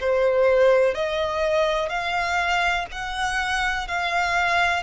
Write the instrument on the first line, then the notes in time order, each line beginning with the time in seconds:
violin
0.00 C5
0.94 D#5
1.89 F5
2.92 F#5
3.87 F5